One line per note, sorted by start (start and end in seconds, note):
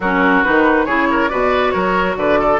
0.00 0.42 F#3
0.00 0.44 C#4
0.00 0.85 F#4
0.00 0.43 A#4
0.43 0.86 D#3
0.43 0.87 D#4
0.43 0.85 B4
0.85 1.30 C#3
0.85 1.29 E4
0.85 1.07 G#4
0.85 1.28 C#5
1.11 1.30 A#4
1.28 1.74 B2
1.28 2.59 F#4
1.28 1.73 B4
1.28 1.70 D5
1.70 2.16 F#3
1.70 2.16 A#4
1.70 2.14 C#5
2.16 2.59 D3
2.16 2.39 B4
2.16 2.60 D5
2.39 2.60 A4